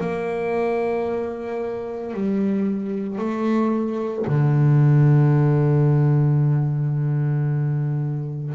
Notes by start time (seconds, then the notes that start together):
0.00 A#3
2.13 G3
3.18 A3
4.27 D3